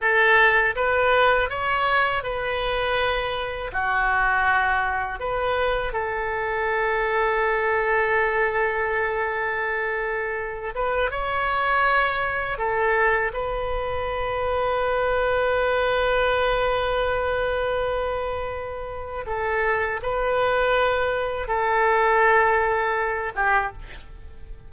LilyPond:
\new Staff \with { instrumentName = "oboe" } { \time 4/4 \tempo 4 = 81 a'4 b'4 cis''4 b'4~ | b'4 fis'2 b'4 | a'1~ | a'2~ a'8 b'8 cis''4~ |
cis''4 a'4 b'2~ | b'1~ | b'2 a'4 b'4~ | b'4 a'2~ a'8 g'8 | }